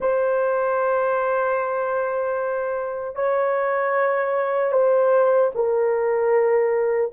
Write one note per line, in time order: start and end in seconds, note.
0.00 3.15 C5
3.15 4.72 C#5
4.72 5.50 C5
5.54 7.12 A#4